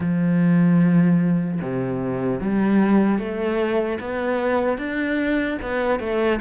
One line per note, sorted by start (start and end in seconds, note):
0.00 1.60 F3
1.61 2.40 C3
2.40 3.19 G3
3.19 3.99 A3
4.00 4.78 B3
4.78 5.58 D4
5.61 5.99 B3
5.99 6.39 A3